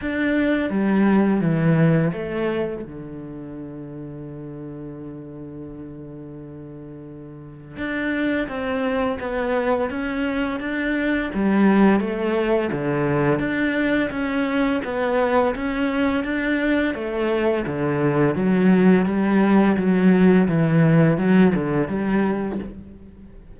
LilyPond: \new Staff \with { instrumentName = "cello" } { \time 4/4 \tempo 4 = 85 d'4 g4 e4 a4 | d1~ | d2. d'4 | c'4 b4 cis'4 d'4 |
g4 a4 d4 d'4 | cis'4 b4 cis'4 d'4 | a4 d4 fis4 g4 | fis4 e4 fis8 d8 g4 | }